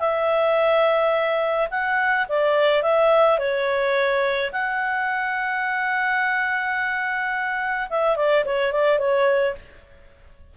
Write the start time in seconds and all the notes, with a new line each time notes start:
0.00 E5
1.71 F#5
2.28 D5
2.83 E5
3.39 C#5
4.52 F#5
7.90 E5
8.16 D5
8.45 C#5
8.72 D5
8.99 C#5